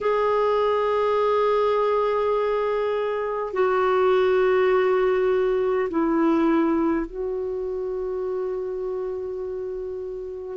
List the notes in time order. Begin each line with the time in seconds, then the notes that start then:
0.00 G#4
3.53 F#4
5.89 E4
7.06 F#4